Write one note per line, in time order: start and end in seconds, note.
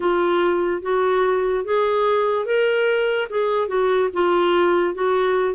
0.00 0.82 F4
0.82 1.64 F#4
1.64 2.45 G#4
2.45 3.28 A#4
3.29 3.68 G#4
3.68 4.09 F#4
4.13 4.94 F4
4.94 5.54 F#4